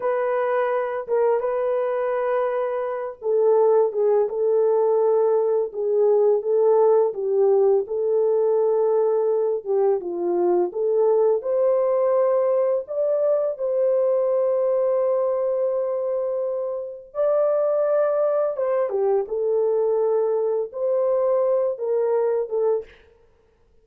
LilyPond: \new Staff \with { instrumentName = "horn" } { \time 4/4 \tempo 4 = 84 b'4. ais'8 b'2~ | b'8 a'4 gis'8 a'2 | gis'4 a'4 g'4 a'4~ | a'4. g'8 f'4 a'4 |
c''2 d''4 c''4~ | c''1 | d''2 c''8 g'8 a'4~ | a'4 c''4. ais'4 a'8 | }